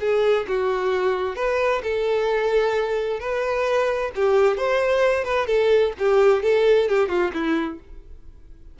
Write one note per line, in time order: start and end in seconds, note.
0.00 0.46 G#4
0.48 1.36 F#4
1.36 1.82 B4
1.83 3.20 A4
3.20 4.11 B4
4.15 4.57 G4
4.57 5.24 C5
5.24 5.46 B4
5.46 5.92 A4
5.99 6.42 G4
6.42 6.88 A4
6.88 7.08 G4
7.08 7.31 F4
7.33 7.79 E4